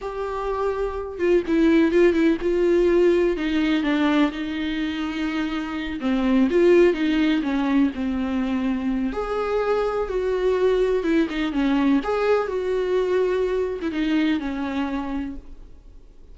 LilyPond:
\new Staff \with { instrumentName = "viola" } { \time 4/4 \tempo 4 = 125 g'2~ g'8 f'8 e'4 | f'8 e'8 f'2 dis'4 | d'4 dis'2.~ | dis'8 c'4 f'4 dis'4 cis'8~ |
cis'8 c'2~ c'8 gis'4~ | gis'4 fis'2 e'8 dis'8 | cis'4 gis'4 fis'2~ | fis'8. e'16 dis'4 cis'2 | }